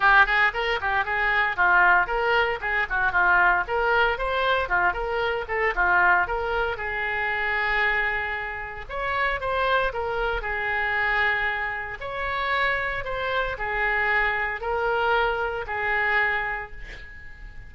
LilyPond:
\new Staff \with { instrumentName = "oboe" } { \time 4/4 \tempo 4 = 115 g'8 gis'8 ais'8 g'8 gis'4 f'4 | ais'4 gis'8 fis'8 f'4 ais'4 | c''4 f'8 ais'4 a'8 f'4 | ais'4 gis'2.~ |
gis'4 cis''4 c''4 ais'4 | gis'2. cis''4~ | cis''4 c''4 gis'2 | ais'2 gis'2 | }